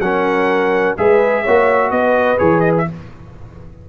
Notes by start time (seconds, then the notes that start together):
0.00 F#3 C#4 A#4 F#5
0.98 G#3 G#4 B4 E5
1.43 A#3 F#4 C#5
1.91 B3 B4 D#5
2.38 E3 G#4 C#5
2.60 D#5
2.78 E5